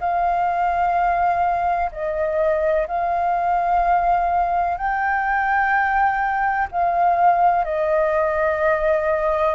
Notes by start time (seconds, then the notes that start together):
0.00 F5
1.92 D#5
2.87 F5
4.77 G5
6.71 F5
7.65 D#5